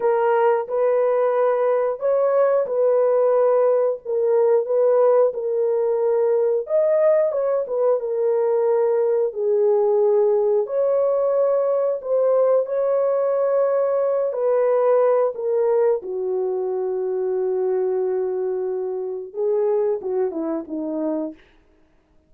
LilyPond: \new Staff \with { instrumentName = "horn" } { \time 4/4 \tempo 4 = 90 ais'4 b'2 cis''4 | b'2 ais'4 b'4 | ais'2 dis''4 cis''8 b'8 | ais'2 gis'2 |
cis''2 c''4 cis''4~ | cis''4. b'4. ais'4 | fis'1~ | fis'4 gis'4 fis'8 e'8 dis'4 | }